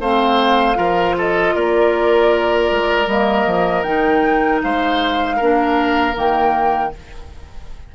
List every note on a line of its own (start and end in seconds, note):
0.00 0.77 A3
0.00 0.75 C4
0.00 0.78 C5
0.00 1.17 F5
0.75 1.55 F3
0.75 3.06 F4
0.75 1.16 A#4
1.18 1.55 A4
1.18 1.56 D#5
1.55 2.71 A#3
1.55 4.63 A#4
1.55 3.09 D5
2.71 3.07 G#3
3.07 3.45 G3
3.07 3.85 A#3
3.07 3.83 D#5
3.46 3.84 F3
3.83 4.62 D#3
3.83 5.38 D#4
3.83 4.60 G5
4.63 5.41 G#3
4.63 5.37 C5
4.63 6.17 F5
5.37 6.16 A#3
5.37 6.14 D4
5.37 6.91 A#4
6.14 6.93 D#3
6.14 6.91 A#3
6.14 6.95 G5